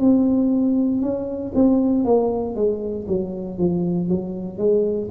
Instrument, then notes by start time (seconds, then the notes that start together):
tuba
0.00 C4
1.02 C#4
1.55 C4
2.05 A#3
2.56 G#3
3.08 F#3
3.59 F3
4.09 F#3
4.58 G#3